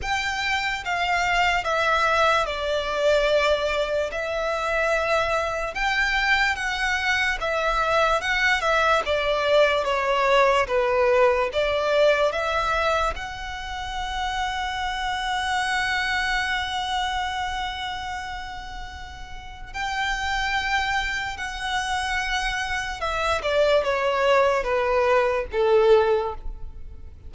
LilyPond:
\new Staff \with { instrumentName = "violin" } { \time 4/4 \tempo 4 = 73 g''4 f''4 e''4 d''4~ | d''4 e''2 g''4 | fis''4 e''4 fis''8 e''8 d''4 | cis''4 b'4 d''4 e''4 |
fis''1~ | fis''1 | g''2 fis''2 | e''8 d''8 cis''4 b'4 a'4 | }